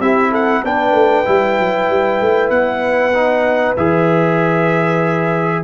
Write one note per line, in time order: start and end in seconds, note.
0.00 0.62 C4
0.00 0.64 E4
0.00 0.31 G4
0.00 0.32 E5
0.31 0.63 A4
0.31 0.65 F#5
0.64 0.92 B3
0.64 1.25 D4
0.64 5.64 B4
0.64 2.50 G5
0.92 1.24 A3
1.25 1.59 G3
1.25 3.13 E4
1.59 1.90 F#3
1.90 2.21 G3
2.21 2.50 A3
2.50 3.75 B3
2.50 3.75 F#5
3.14 3.77 D#4
3.77 5.64 E3
3.77 5.64 G#4
3.77 5.64 E5